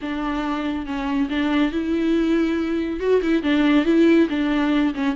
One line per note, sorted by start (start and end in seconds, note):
0.01 0.86 D4
0.86 1.28 C#4
1.29 1.72 D4
1.72 3.00 E4
3.00 3.21 F#4
3.22 3.42 E4
3.42 3.85 D4
3.85 4.28 E4
4.29 4.94 D4
4.94 5.15 C#4